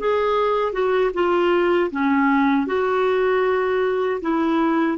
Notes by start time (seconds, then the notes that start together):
0.00 G#4
0.73 F#4
1.14 F4
1.91 C#4
2.67 F#4
4.22 E4